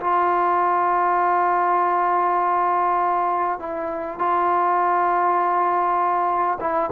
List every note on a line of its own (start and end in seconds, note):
0.00 3.59 F4
3.59 4.19 E4
4.19 6.59 F4
6.60 6.90 E4